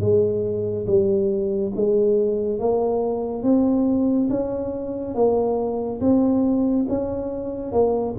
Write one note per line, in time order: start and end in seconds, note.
0.00 0.86 G#3
0.87 1.73 G3
1.75 2.59 G#3
2.59 3.43 A#3
3.43 4.29 C4
4.30 5.15 C#4
5.15 6.00 A#3
6.01 6.86 C4
6.89 7.72 C#4
7.72 8.15 A#3